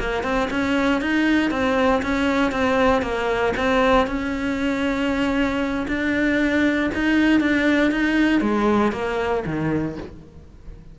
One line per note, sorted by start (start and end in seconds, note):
0.00 0.24 A#3
0.24 0.49 C4
0.51 1.02 C#4
1.02 1.51 D#4
1.51 2.03 C4
2.03 2.52 C#4
2.52 3.03 C4
3.03 3.54 A#3
3.57 4.07 C4
4.07 5.87 C#4
5.88 6.91 D4
6.95 7.41 D#4
7.41 7.91 D4
7.91 8.41 D#4
8.41 8.93 G#3
8.93 9.44 A#3
9.46 9.98 D#3